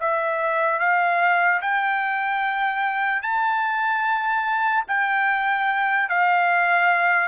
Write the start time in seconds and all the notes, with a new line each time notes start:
0.00 E5
0.79 F5
1.61 G5
3.22 A5
4.88 G5
6.09 F5